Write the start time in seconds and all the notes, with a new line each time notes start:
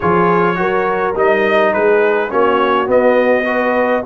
0.00 F3 F4 G#4 C#5
0.55 F#3 F#4 A#4
1.15 G3 D#4 D#5
1.73 G#3 G#4 B4
2.29 A#3 C#4 F#4 C#5
2.86 B3 D#5
3.44 F#4 B4